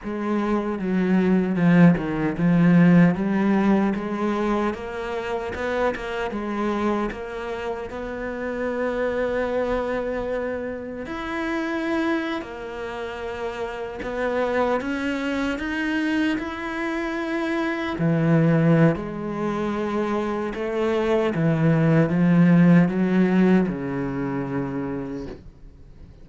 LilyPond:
\new Staff \with { instrumentName = "cello" } { \time 4/4 \tempo 4 = 76 gis4 fis4 f8 dis8 f4 | g4 gis4 ais4 b8 ais8 | gis4 ais4 b2~ | b2 e'4.~ e'16 ais16~ |
ais4.~ ais16 b4 cis'4 dis'16~ | dis'8. e'2 e4~ e16 | gis2 a4 e4 | f4 fis4 cis2 | }